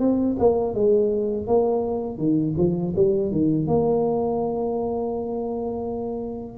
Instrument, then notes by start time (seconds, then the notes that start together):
tuba
0.00 C4
0.39 A#3
0.75 G#3
1.47 A#3
2.19 D#3
2.58 F3
2.96 G3
3.32 D#3
3.68 A#3